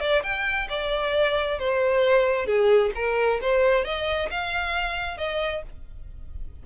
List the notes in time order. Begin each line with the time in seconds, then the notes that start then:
0.00 D5
0.23 G5
0.69 D5
1.59 C5
2.46 G#4
2.95 A#4
3.41 C5
3.84 D#5
4.31 F5
5.18 D#5